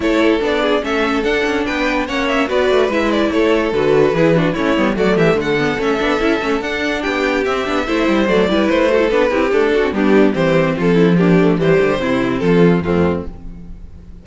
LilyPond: <<
  \new Staff \with { instrumentName = "violin" } { \time 4/4 \tempo 4 = 145 cis''4 d''4 e''4 fis''4 | g''4 fis''8 e''8 d''4 e''8 d''8 | cis''4 b'2 cis''4 | d''8 e''8 fis''4 e''2 |
fis''4 g''4 e''2 | d''4 c''4 b'4 a'4 | g'4 c''4 a'4 g'4 | c''2 a'4 f'4 | }
  \new Staff \with { instrumentName = "violin" } { \time 4/4 a'4. gis'8 a'2 | b'4 cis''4 b'2 | a'2 gis'8 fis'8 e'4 | fis'8 g'8 a'2.~ |
a'4 g'2 c''4~ | c''8 b'4 a'4 g'4 fis'8 | d'4 g'4 f'8 e'8 d'4 | g'4 e'4 f'4 c'4 | }
  \new Staff \with { instrumentName = "viola" } { \time 4/4 e'4 d'4 cis'4 d'4~ | d'4 cis'4 fis'4 e'4~ | e'4 fis'4 e'8 d'8 cis'8 b8 | a4. b8 cis'8 d'8 e'8 cis'8 |
d'2 c'8 d'8 e'4 | a8 e'4 fis'16 e'16 d'8 e'8 a8 d'16 c'16 | b4 c'2 ais8 a8 | g4 c'2 a4 | }
  \new Staff \with { instrumentName = "cello" } { \time 4/4 a4 b4 a4 d'8 cis'8 | b4 ais4 b8 a8 gis4 | a4 d4 e4 a8 g8 | fis8 e8 d4 a8 b8 cis'8 a8 |
d'4 b4 c'8 b8 a8 g8 | fis8 g8 a4 b8 c'8 d'4 | g4 e4 f2 | e8 d8 c4 f4 f,4 | }
>>